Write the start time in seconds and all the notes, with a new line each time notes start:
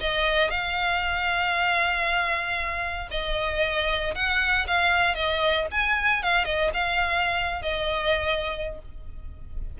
0.00 D#5
0.50 F5
3.11 D#5
4.14 F#5
4.67 F5
5.14 D#5
5.71 G#5
6.23 F5
6.45 D#5
6.73 F5
7.62 D#5